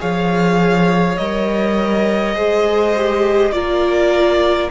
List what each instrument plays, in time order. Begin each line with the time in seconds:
0.00 cello F3, viola G#4, violin C#5 F5
1.18 cello G3, viola A#4, violin D#5
2.35 cello G#3, viola G#4, violin C5
2.97 viola G4
3.53 cello A#3, viola F4, violin A#4 D5